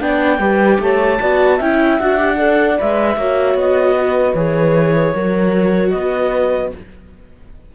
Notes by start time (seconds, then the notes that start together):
0.00 B3 D4 D5 G5
0.39 G3 G4 B4
0.80 A3 C#5 A5
1.21 B3 F#4 D5
1.58 C#4 E4 E5 G5
2.00 D4 F#4 F#5
2.17 G4
2.37 A4 D5
2.78 G#3 B4 E5
3.17 A#3 F#4 C#5
3.55 B3 D#5
3.98 B4
4.35 E3 G#4 C#5
5.14 F#3 F#4 A#4
5.91 B3 B4 D#5